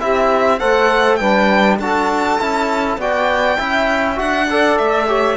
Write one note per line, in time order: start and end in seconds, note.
0.00 0.61 C4
0.00 0.60 E4
0.00 0.58 G4
0.00 0.60 E5
0.58 1.21 A3
0.58 1.20 A4
0.58 1.18 C5
0.58 1.16 F#5
1.16 1.79 G3
1.16 1.80 D4
1.16 1.79 B4
1.16 1.76 G5
1.79 2.39 D4
1.79 2.40 F#4
1.79 2.99 A4
1.79 3.00 A5
2.40 2.98 C#4
2.40 3.00 E4
2.98 3.58 B3
2.98 3.58 F#4
2.98 3.58 D5
2.98 4.19 G5
3.58 4.20 C#4
3.58 4.16 E4
3.58 4.48 E5
4.16 4.79 D4
4.16 4.46 F#4
4.16 4.78 F#5
4.50 5.07 A4
4.50 5.07 D5
4.78 5.37 A3
4.78 5.37 E5
5.07 5.37 G4
5.07 5.37 C#5